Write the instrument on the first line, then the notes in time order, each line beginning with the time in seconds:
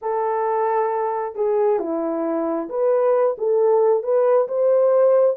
horn
0.01 A4
1.35 G#4
1.79 E4
2.69 B4
3.38 A4
4.03 B4
4.48 C5